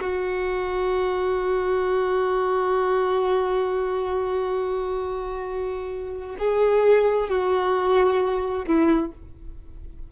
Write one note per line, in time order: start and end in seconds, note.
0.00 6.36 F#4
6.38 7.29 G#4
7.29 8.65 F#4
8.67 9.12 E4